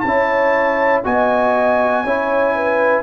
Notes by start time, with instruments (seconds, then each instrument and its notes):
0.00 tuba C#4, horn C#5, trumpet A5
0.06 trombone E4
1.04 tuba B3, trombone F#4, horn D#5, trumpet G#5
2.03 tuba C#4, trombone E4, horn C#5
2.54 horn B4